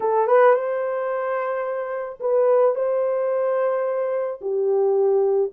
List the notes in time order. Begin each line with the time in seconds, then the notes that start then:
0.00 A4
0.27 B4
0.54 C5
2.20 B4
2.75 C5
4.41 G4